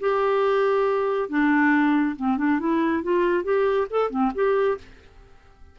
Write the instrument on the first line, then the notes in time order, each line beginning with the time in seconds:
clarinet
0.00 G4
1.28 D4
2.16 C4
2.37 D4
2.59 E4
3.03 F4
3.43 G4
3.90 A4
4.10 C4
4.34 G4